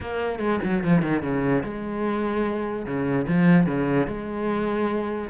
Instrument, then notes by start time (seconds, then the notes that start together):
cello
0.01 A#3
0.39 G#3
0.63 F#3
0.84 F3
1.01 D#3
1.22 C#3
1.63 G#3
2.85 C#3
3.27 F3
3.66 C#3
4.07 G#3